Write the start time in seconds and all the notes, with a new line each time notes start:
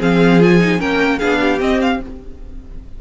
0.00 F3 C4 G#4 F5
0.40 F4 G#5
0.61 D#4
0.79 A#3 C#4 A#4 G5
1.19 B3 D4 G#4 F5
1.41 G4
1.60 C4 D#5
1.82 F5